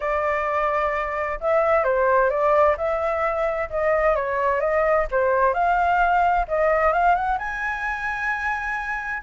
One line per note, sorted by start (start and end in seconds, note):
0.00 1.39 D5
1.40 1.84 E5
1.84 2.30 C5
2.30 2.76 D5
2.77 3.69 E5
3.70 4.15 D#5
4.15 4.60 C#5
4.60 5.06 D#5
5.11 5.53 C5
5.53 6.46 F5
6.47 6.92 D#5
6.92 7.15 F5
7.15 7.38 F#5
7.38 9.23 G#5